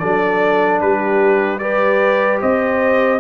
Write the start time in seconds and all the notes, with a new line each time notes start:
0.00 F#3 D4 A4 D5
0.81 G3 G4 B4
1.59 G4 B4 D5
2.41 C4 C5 D#5